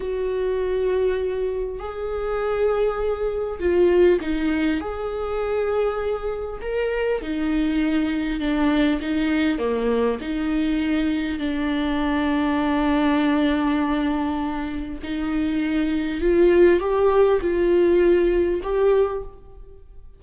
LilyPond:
\new Staff \with { instrumentName = "viola" } { \time 4/4 \tempo 4 = 100 fis'2. gis'4~ | gis'2 f'4 dis'4 | gis'2. ais'4 | dis'2 d'4 dis'4 |
ais4 dis'2 d'4~ | d'1~ | d'4 dis'2 f'4 | g'4 f'2 g'4 | }